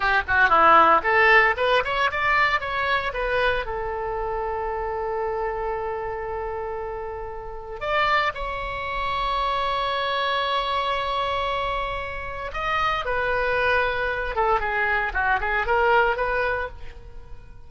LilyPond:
\new Staff \with { instrumentName = "oboe" } { \time 4/4 \tempo 4 = 115 g'8 fis'8 e'4 a'4 b'8 cis''8 | d''4 cis''4 b'4 a'4~ | a'1~ | a'2. d''4 |
cis''1~ | cis''1 | dis''4 b'2~ b'8 a'8 | gis'4 fis'8 gis'8 ais'4 b'4 | }